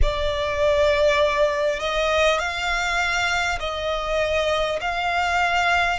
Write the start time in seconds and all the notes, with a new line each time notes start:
0.02 D5
1.79 D#5
2.38 F5
3.59 D#5
4.80 F5